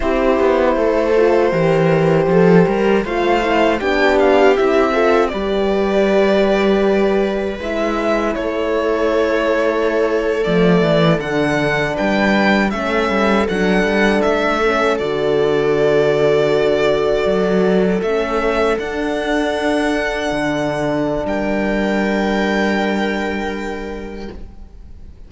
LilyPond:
<<
  \new Staff \with { instrumentName = "violin" } { \time 4/4 \tempo 4 = 79 c''1 | f''4 g''8 f''8 e''4 d''4~ | d''2 e''4 cis''4~ | cis''4.~ cis''16 d''4 fis''4 g''16~ |
g''8. e''4 fis''4 e''4 d''16~ | d''2.~ d''8. e''16~ | e''8. fis''2.~ fis''16 | g''1 | }
  \new Staff \with { instrumentName = "viola" } { \time 4/4 g'4 a'4 ais'4 a'8 ais'8 | c''4 g'4. a'8 b'4~ | b'2. a'4~ | a'2.~ a'8. b'16~ |
b'8. a'2.~ a'16~ | a'1~ | a'1 | ais'1 | }
  \new Staff \with { instrumentName = "horn" } { \time 4/4 e'4. f'8 g'2 | f'8 e'8 d'4 e'8 f'8 g'4~ | g'2 e'2~ | e'4.~ e'16 a4 d'4~ d'16~ |
d'8. cis'4 d'4. cis'8 fis'16~ | fis'2.~ fis'8. cis'16~ | cis'8. d'2.~ d'16~ | d'1 | }
  \new Staff \with { instrumentName = "cello" } { \time 4/4 c'8 b8 a4 e4 f8 g8 | a4 b4 c'4 g4~ | g2 gis4 a4~ | a4.~ a16 f8 e8 d4 g16~ |
g8. a8 g8 fis8 g8 a4 d16~ | d2~ d8. fis4 a16~ | a8. d'2 d4~ d16 | g1 | }
>>